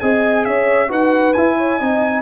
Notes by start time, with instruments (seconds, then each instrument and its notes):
0.00 tuba C4, trombone G#4, horn D#5, trumpet G#5
0.45 tuba C#4, horn C#5, trumpet E5
0.88 tuba D#4, trombone F#4, horn B4, trumpet F#5
1.33 tuba E4, trombone E4, trumpet G#5
1.57 horn C#5
1.79 tuba C4, trombone D#4, horn D#5